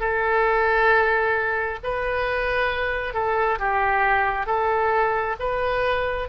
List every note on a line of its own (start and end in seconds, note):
0.00 1.79 A4
1.84 3.14 B4
3.14 3.59 A4
3.59 4.46 G4
4.46 5.36 A4
5.40 6.28 B4